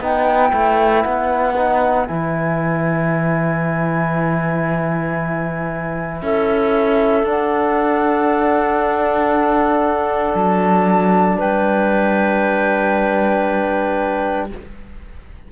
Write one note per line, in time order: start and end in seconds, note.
0.00 0.52 B3
0.00 0.51 D#4
0.00 6.21 B4
0.00 1.03 G5
0.51 1.05 A3
0.51 1.55 E4
1.03 2.09 B3
1.03 2.06 F#5
1.56 2.07 D#4
2.07 6.22 E3
2.07 7.25 E4
2.07 6.21 G#5
6.22 7.23 C#4
6.22 11.38 A4
6.22 7.25 E5
7.23 10.34 D4
7.23 14.51 D4
7.23 10.35 F#5
10.34 11.38 F#3
10.34 11.39 A5
11.38 14.52 G3
11.38 14.49 B4
11.38 14.51 G5